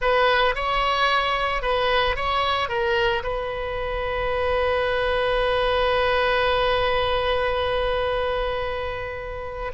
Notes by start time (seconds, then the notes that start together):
0.01 B4
0.55 C#5
1.61 B4
2.16 C#5
2.68 A#4
3.23 B4